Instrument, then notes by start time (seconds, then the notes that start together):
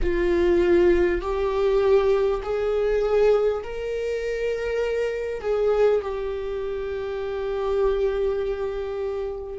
viola
0.02 F4
1.21 G4
2.42 G#4
3.63 A#4
5.41 G#4
6.01 G4